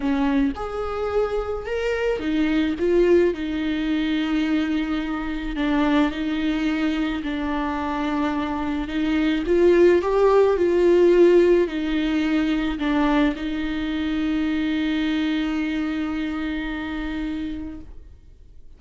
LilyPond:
\new Staff \with { instrumentName = "viola" } { \time 4/4 \tempo 4 = 108 cis'4 gis'2 ais'4 | dis'4 f'4 dis'2~ | dis'2 d'4 dis'4~ | dis'4 d'2. |
dis'4 f'4 g'4 f'4~ | f'4 dis'2 d'4 | dis'1~ | dis'1 | }